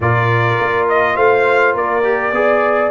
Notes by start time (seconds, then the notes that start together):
0.00 A#2 F4 A#4 D5
0.59 A#3
0.88 D#5
1.15 A3 C5 F5
1.74 A#3 A#4 D5
2.03 G4
2.32 B3 G#4 D5